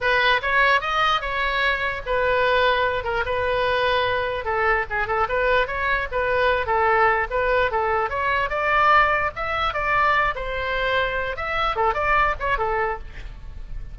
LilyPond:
\new Staff \with { instrumentName = "oboe" } { \time 4/4 \tempo 4 = 148 b'4 cis''4 dis''4 cis''4~ | cis''4 b'2~ b'8 ais'8 | b'2. a'4 | gis'8 a'8 b'4 cis''4 b'4~ |
b'8 a'4. b'4 a'4 | cis''4 d''2 e''4 | d''4. c''2~ c''8 | e''4 a'8 d''4 cis''8 a'4 | }